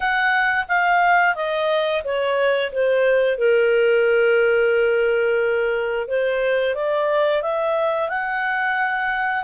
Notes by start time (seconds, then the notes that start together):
0.00 F#5
0.68 F5
1.35 D#5
2.03 C#5
2.72 C5
3.38 A#4
6.07 C5
6.74 D5
7.42 E5
8.09 F#5